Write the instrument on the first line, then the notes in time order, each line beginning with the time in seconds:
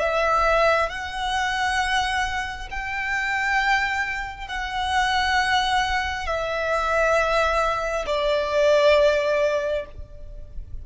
violin
0.00 E5
0.90 F#5
2.71 G5
4.48 F#5
6.26 E5
8.06 D5